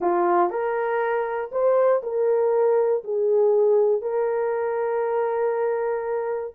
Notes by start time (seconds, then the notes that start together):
0.00 F4
0.50 A#4
1.51 C5
2.03 A#4
3.04 G#4
4.01 A#4